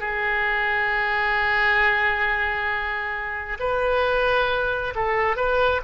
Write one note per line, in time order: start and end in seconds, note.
0.00 3.58 G#4
3.60 4.94 B4
4.95 5.37 A4
5.37 5.82 B4